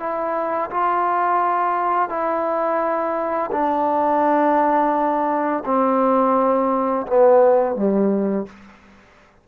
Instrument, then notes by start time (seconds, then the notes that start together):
trombone
0.00 E4
0.71 F4
2.10 E4
3.52 D4
5.66 C4
7.07 B3
7.76 G3